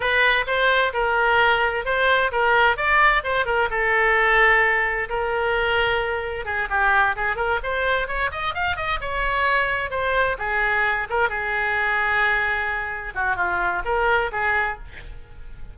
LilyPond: \new Staff \with { instrumentName = "oboe" } { \time 4/4 \tempo 4 = 130 b'4 c''4 ais'2 | c''4 ais'4 d''4 c''8 ais'8 | a'2. ais'4~ | ais'2 gis'8 g'4 gis'8 |
ais'8 c''4 cis''8 dis''8 f''8 dis''8 cis''8~ | cis''4. c''4 gis'4. | ais'8 gis'2.~ gis'8~ | gis'8 fis'8 f'4 ais'4 gis'4 | }